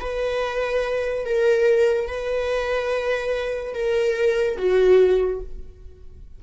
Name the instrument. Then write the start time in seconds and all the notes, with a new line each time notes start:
viola
0.00 B4
1.25 A#4
2.08 B4
3.74 A#4
4.57 F#4